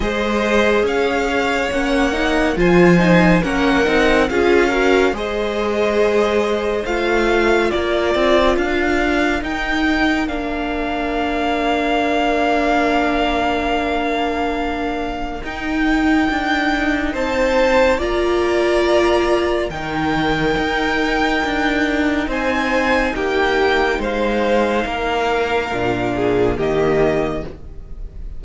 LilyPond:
<<
  \new Staff \with { instrumentName = "violin" } { \time 4/4 \tempo 4 = 70 dis''4 f''4 fis''4 gis''4 | fis''4 f''4 dis''2 | f''4 d''4 f''4 g''4 | f''1~ |
f''2 g''2 | a''4 ais''2 g''4~ | g''2 gis''4 g''4 | f''2. dis''4 | }
  \new Staff \with { instrumentName = "violin" } { \time 4/4 c''4 cis''2 c''4 | ais'4 gis'8 ais'8 c''2~ | c''4 ais'2.~ | ais'1~ |
ais'1 | c''4 d''2 ais'4~ | ais'2 c''4 g'4 | c''4 ais'4. gis'8 g'4 | }
  \new Staff \with { instrumentName = "viola" } { \time 4/4 gis'2 cis'8 dis'8 f'8 dis'8 | cis'8 dis'8 f'8 fis'8 gis'2 | f'2. dis'4 | d'1~ |
d'2 dis'2~ | dis'4 f'2 dis'4~ | dis'1~ | dis'2 d'4 ais4 | }
  \new Staff \with { instrumentName = "cello" } { \time 4/4 gis4 cis'4 ais4 f4 | ais8 c'8 cis'4 gis2 | a4 ais8 c'8 d'4 dis'4 | ais1~ |
ais2 dis'4 d'4 | c'4 ais2 dis4 | dis'4 d'4 c'4 ais4 | gis4 ais4 ais,4 dis4 | }
>>